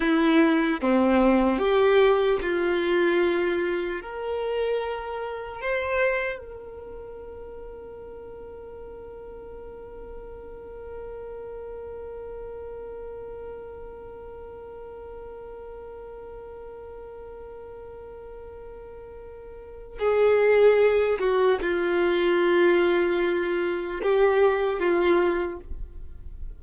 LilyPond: \new Staff \with { instrumentName = "violin" } { \time 4/4 \tempo 4 = 75 e'4 c'4 g'4 f'4~ | f'4 ais'2 c''4 | ais'1~ | ais'1~ |
ais'1~ | ais'1~ | ais'4 gis'4. fis'8 f'4~ | f'2 g'4 f'4 | }